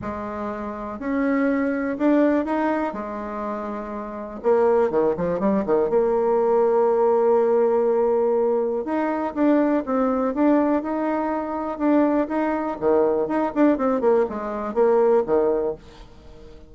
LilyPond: \new Staff \with { instrumentName = "bassoon" } { \time 4/4 \tempo 4 = 122 gis2 cis'2 | d'4 dis'4 gis2~ | gis4 ais4 dis8 f8 g8 dis8 | ais1~ |
ais2 dis'4 d'4 | c'4 d'4 dis'2 | d'4 dis'4 dis4 dis'8 d'8 | c'8 ais8 gis4 ais4 dis4 | }